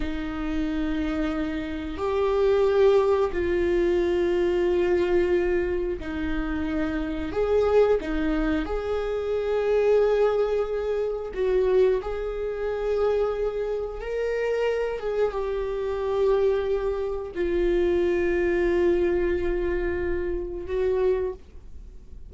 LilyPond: \new Staff \with { instrumentName = "viola" } { \time 4/4 \tempo 4 = 90 dis'2. g'4~ | g'4 f'2.~ | f'4 dis'2 gis'4 | dis'4 gis'2.~ |
gis'4 fis'4 gis'2~ | gis'4 ais'4. gis'8 g'4~ | g'2 f'2~ | f'2. fis'4 | }